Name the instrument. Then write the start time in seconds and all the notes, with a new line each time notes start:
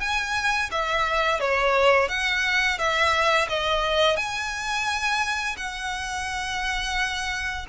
violin
0.00 G#5
0.71 E5
1.40 C#5
2.08 F#5
2.78 E5
3.49 D#5
4.16 G#5
5.57 F#5